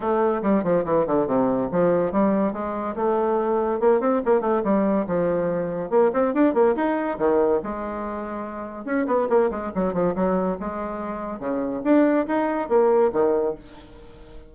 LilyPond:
\new Staff \with { instrumentName = "bassoon" } { \time 4/4 \tempo 4 = 142 a4 g8 f8 e8 d8 c4 | f4 g4 gis4 a4~ | a4 ais8 c'8 ais8 a8 g4 | f2 ais8 c'8 d'8 ais8 |
dis'4 dis4 gis2~ | gis4 cis'8 b8 ais8 gis8 fis8 f8 | fis4 gis2 cis4 | d'4 dis'4 ais4 dis4 | }